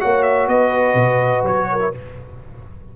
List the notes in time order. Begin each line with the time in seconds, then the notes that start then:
0.00 A#3 F#4 C#5 F#5
0.22 E5
0.47 B3 B4 D#5
0.94 B2
1.43 F#3 C#5
1.71 A#4
1.80 E4